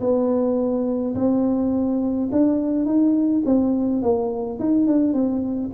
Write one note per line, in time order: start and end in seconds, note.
0.00 1.14 B3
1.15 2.29 C4
2.32 2.85 D4
2.85 3.42 D#4
3.45 4.02 C4
4.02 4.59 A#3
4.59 4.87 D#4
4.87 5.13 D4
5.13 5.70 C4